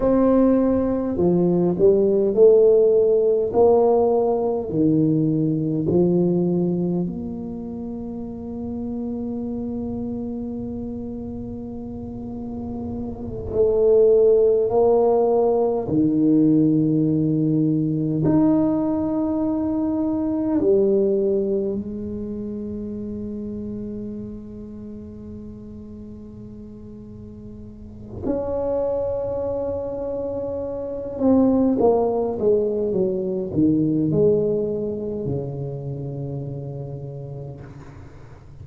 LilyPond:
\new Staff \with { instrumentName = "tuba" } { \time 4/4 \tempo 4 = 51 c'4 f8 g8 a4 ais4 | dis4 f4 ais2~ | ais2.~ ais8 a8~ | a8 ais4 dis2 dis'8~ |
dis'4. g4 gis4.~ | gis1 | cis'2~ cis'8 c'8 ais8 gis8 | fis8 dis8 gis4 cis2 | }